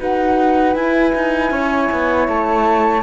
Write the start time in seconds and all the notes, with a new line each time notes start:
0.00 D#4 F#4 B4 F#5
0.74 E4 G#5
1.16 D#4
1.51 C#4 C#5
1.92 B3
2.29 A3 A5